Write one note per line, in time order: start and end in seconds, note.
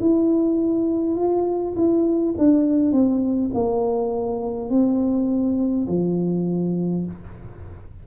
0.00 1.16 E4
1.16 1.74 F4
1.75 2.34 E4
2.38 2.92 D4
2.92 3.51 C4
3.53 4.70 A#3
4.70 5.87 C4
5.87 7.05 F3